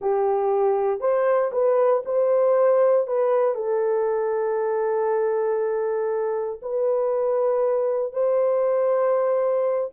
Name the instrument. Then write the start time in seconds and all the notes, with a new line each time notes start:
horn
0.01 G4
1.00 C5
1.52 B4
2.05 C5
3.07 B4
3.55 A4
6.62 B4
8.12 C5